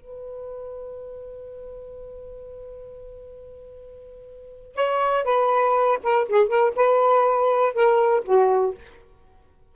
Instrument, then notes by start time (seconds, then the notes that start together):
saxophone
0.00 B4
4.75 C#5
5.24 B4
6.02 A#4
6.27 G#4
6.48 A#4
6.75 B4
7.74 A#4
8.24 F#4